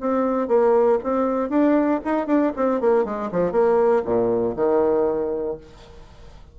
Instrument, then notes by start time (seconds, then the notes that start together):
bassoon
0.00 C4
0.48 A#3
1.03 C4
1.49 D4
2.04 D#4
2.26 D4
2.56 C4
2.80 A#3
3.05 G#3
3.31 F3
3.52 A#3
4.04 A#2
4.56 D#3